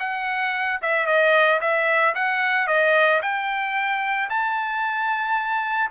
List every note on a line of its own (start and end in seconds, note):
0.00 0.80 F#5
0.82 1.07 E5
1.07 1.60 D#5
1.61 2.15 E5
2.15 2.68 F#5
2.68 3.21 D#5
3.22 4.29 G5
4.30 5.91 A5